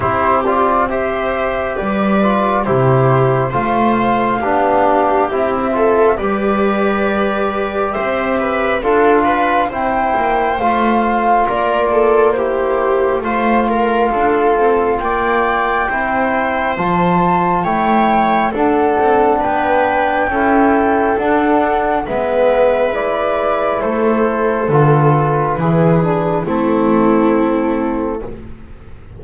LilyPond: <<
  \new Staff \with { instrumentName = "flute" } { \time 4/4 \tempo 4 = 68 c''8 d''8 e''4 d''4 c''4 | f''2 e''4 d''4~ | d''4 e''4 f''4 g''4 | f''4 d''4 c''4 f''4~ |
f''4 g''2 a''4 | g''4 fis''4 g''2 | fis''4 e''4 d''4 c''4 | b'2 a'2 | }
  \new Staff \with { instrumentName = "viola" } { \time 4/4 g'4 c''4 b'4 g'4 | c''4 g'4. a'8 b'4~ | b'4 c''8 b'8 a'8 b'8 c''4~ | c''4 ais'8 a'8 g'4 c''8 ais'8 |
a'4 d''4 c''2 | cis''4 a'4 b'4 a'4~ | a'4 b'2 a'4~ | a'4 gis'4 e'2 | }
  \new Staff \with { instrumentName = "trombone" } { \time 4/4 e'8 f'8 g'4. f'8 e'4 | f'4 d'4 e'8 f'8 g'4~ | g'2 f'4 e'4 | f'2 e'4 f'4~ |
f'2 e'4 f'4 | e'4 d'2 e'4 | d'4 b4 e'2 | f'4 e'8 d'8 c'2 | }
  \new Staff \with { instrumentName = "double bass" } { \time 4/4 c'2 g4 c4 | a4 b4 c'4 g4~ | g4 c'4 d'4 c'8 ais8 | a4 ais2 a4 |
d'8 c'8 ais4 c'4 f4 | a4 d'8 c'8 b4 cis'4 | d'4 gis2 a4 | d4 e4 a2 | }
>>